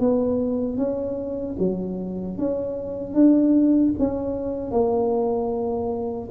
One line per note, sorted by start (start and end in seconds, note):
0.00 0.77 B3
0.77 1.56 C#4
1.59 2.38 F#3
2.38 3.14 C#4
3.14 3.93 D4
3.99 4.71 C#4
4.71 6.29 A#3